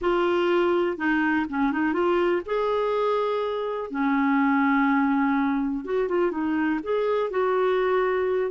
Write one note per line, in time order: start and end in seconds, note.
0.01 0.97 F4
0.97 1.46 D#4
1.49 1.72 C#4
1.72 1.93 D#4
1.93 2.42 F4
2.45 3.90 G#4
3.90 5.84 C#4
5.84 6.08 F#4
6.08 6.31 F4
6.31 6.80 D#4
6.83 7.30 G#4
7.30 8.51 F#4